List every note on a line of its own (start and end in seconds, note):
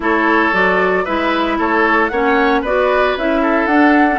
0.00 0.51 A3
0.00 0.52 E4
0.00 1.04 A4
0.00 0.54 C#5
0.52 1.05 F#3
0.52 1.05 F#4
0.52 1.05 D5
1.04 1.58 G#3
1.04 2.11 E4
1.04 1.57 B4
1.04 1.58 E5
1.58 2.10 A3
1.58 2.11 A4
1.58 2.08 C#5
2.08 2.62 A#3
2.08 2.65 C#4
2.08 2.61 C#5
2.08 2.60 F#5
2.61 3.15 B3
2.61 3.18 F#4
2.61 3.40 B4
2.61 3.17 D5
3.17 3.66 C#4
3.17 3.69 E4
3.17 3.66 E5
3.42 4.18 A4
3.66 4.18 D4
3.66 4.09 D4
3.66 4.18 F#5
4.10 4.18 C#4